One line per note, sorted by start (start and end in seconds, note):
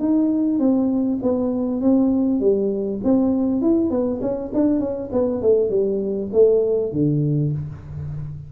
0.00 0.59 D#4
0.59 1.19 C4
1.22 1.82 B3
1.82 2.41 C4
2.41 3.01 G3
3.04 3.62 C4
3.62 3.91 E4
3.91 4.21 B3
4.22 4.52 C#4
4.54 4.80 D4
4.80 5.10 C#4
5.13 5.42 B3
5.42 5.70 A3
5.70 6.30 G3
6.33 6.93 A3
6.93 7.53 D3